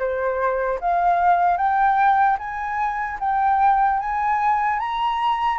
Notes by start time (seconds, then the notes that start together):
0.00 C5
0.81 F5
1.57 G5
2.39 G#5
3.20 G5
4.00 G#5
4.80 A#5